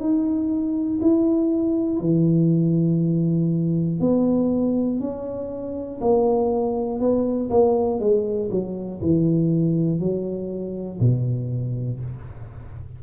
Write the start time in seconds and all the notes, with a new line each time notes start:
0.00 D#4
1.00 E4
2.00 E3
4.00 B3
5.00 C#4
6.00 A#3
6.99 B3
7.50 A#3
8.00 G#3
8.50 F#3
9.01 E3
9.99 F#3
11.00 B2